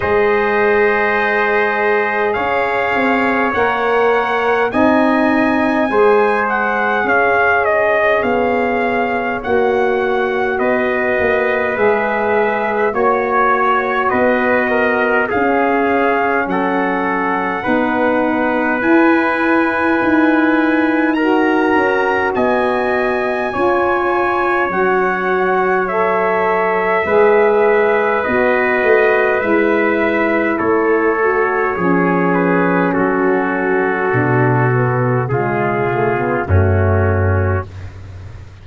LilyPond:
<<
  \new Staff \with { instrumentName = "trumpet" } { \time 4/4 \tempo 4 = 51 dis''2 f''4 fis''4 | gis''4. fis''8 f''8 dis''8 f''4 | fis''4 dis''4 e''4 cis''4 | dis''4 f''4 fis''2 |
gis''2 ais''4 gis''4~ | gis''4 fis''4 e''2 | dis''4 e''4 cis''4. b'8 | a'2 gis'4 fis'4 | }
  \new Staff \with { instrumentName = "trumpet" } { \time 4/4 c''2 cis''2 | dis''4 c''4 cis''2~ | cis''4 b'2 cis''4 | b'8 ais'8 gis'4 a'4 b'4~ |
b'2 ais'4 dis''4 | cis''2. b'4~ | b'2 a'4 gis'4 | fis'2 f'4 cis'4 | }
  \new Staff \with { instrumentName = "saxophone" } { \time 4/4 gis'2. ais'4 | dis'4 gis'2. | fis'2 gis'4 fis'4~ | fis'4 cis'2 dis'4 |
e'2 fis'2 | f'4 fis'4 a'4 gis'4 | fis'4 e'4. fis'8 cis'4~ | cis'4 d'8 b8 gis8 a16 b16 a4 | }
  \new Staff \with { instrumentName = "tuba" } { \time 4/4 gis2 cis'8 c'8 ais4 | c'4 gis4 cis'4 b4 | ais4 b8 ais8 gis4 ais4 | b4 cis'4 fis4 b4 |
e'4 dis'4. cis'8 b4 | cis'4 fis2 gis4 | b8 a8 gis4 a4 f4 | fis4 b,4 cis4 fis,4 | }
>>